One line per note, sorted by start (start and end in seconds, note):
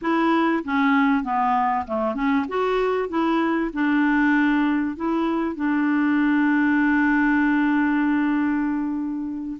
0.01 0.63 E4
0.64 1.23 C#4
1.23 1.85 B3
1.87 2.15 A3
2.15 2.45 C#4
2.48 3.08 F#4
3.08 3.70 E4
3.73 4.95 D4
4.95 5.55 E4
5.55 9.57 D4